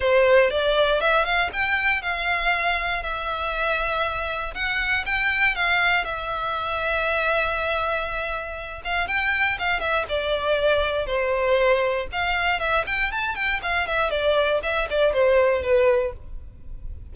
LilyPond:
\new Staff \with { instrumentName = "violin" } { \time 4/4 \tempo 4 = 119 c''4 d''4 e''8 f''8 g''4 | f''2 e''2~ | e''4 fis''4 g''4 f''4 | e''1~ |
e''4. f''8 g''4 f''8 e''8 | d''2 c''2 | f''4 e''8 g''8 a''8 g''8 f''8 e''8 | d''4 e''8 d''8 c''4 b'4 | }